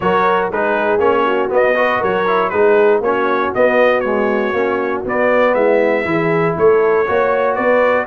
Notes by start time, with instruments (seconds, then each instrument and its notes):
0.00 tuba F#3, trombone F#4, horn A#4, trumpet C#5
0.51 tuba G#3, trombone D#4, horn G#4, trumpet B4
0.99 tuba A#3, trombone C#4, trumpet C#5
1.25 horn F#4
1.49 trombone B3, tuba B3, trumpet D#5
1.75 trombone F#4, horn B4
1.99 tuba F#3, horn A#4, trumpet C#5
2.27 trombone E4
2.49 tuba G#3, trombone D#4, horn G#4, trumpet B4
3.00 tuba A#3, trombone C#4, horn F#4, trumpet C#5
3.54 trombone B3, tuba B3, trumpet D#5
4.00 trombone G#3, trumpet C#5
4.52 tuba A#3, trombone C#4
5.05 tuba B3, trombone B3, trumpet D5
5.54 tuba G#3, horn E4, trumpet E5
6.04 tuba E3, trombone E4, horn G#4
6.57 tuba A3, horn A4, trumpet C#5
7.06 tuba A#3, trombone F#4, horn C#5
7.55 tuba B3, horn B4, trumpet D5